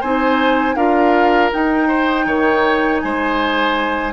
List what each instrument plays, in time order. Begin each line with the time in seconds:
0.00 bassoon C4, clarinet D#4, oboe C5, flute G#5
0.75 bassoon D4, clarinet F4, oboe A#4, flute F5
1.51 clarinet D#4, bassoon D#4, flute G5
1.88 oboe C5
2.26 bassoon D#3, oboe C#5
3.00 bassoon G#3, oboe C5, flute G#5